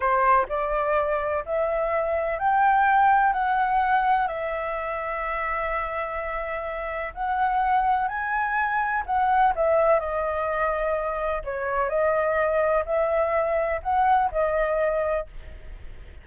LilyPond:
\new Staff \with { instrumentName = "flute" } { \time 4/4 \tempo 4 = 126 c''4 d''2 e''4~ | e''4 g''2 fis''4~ | fis''4 e''2.~ | e''2. fis''4~ |
fis''4 gis''2 fis''4 | e''4 dis''2. | cis''4 dis''2 e''4~ | e''4 fis''4 dis''2 | }